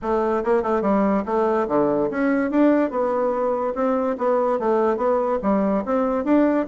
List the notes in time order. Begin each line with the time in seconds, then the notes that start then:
0.02 A3
0.43 A#3
0.62 A3
0.81 G3
1.25 A3
1.68 D3
2.10 C#4
2.51 D4
2.90 B3
3.74 C4
4.18 B3
4.59 A3
4.97 B3
5.42 G3
5.85 C4
6.24 D4